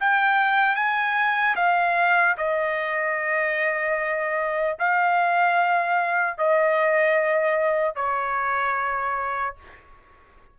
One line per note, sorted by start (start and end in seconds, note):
0.00 0.75 G5
0.75 1.55 G#5
1.55 2.35 F5
2.37 4.77 D#5
4.79 6.37 F5
6.37 7.95 D#5
7.95 9.55 C#5